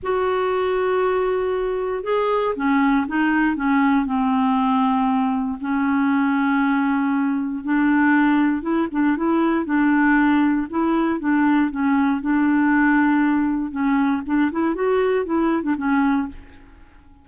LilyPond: \new Staff \with { instrumentName = "clarinet" } { \time 4/4 \tempo 4 = 118 fis'1 | gis'4 cis'4 dis'4 cis'4 | c'2. cis'4~ | cis'2. d'4~ |
d'4 e'8 d'8 e'4 d'4~ | d'4 e'4 d'4 cis'4 | d'2. cis'4 | d'8 e'8 fis'4 e'8. d'16 cis'4 | }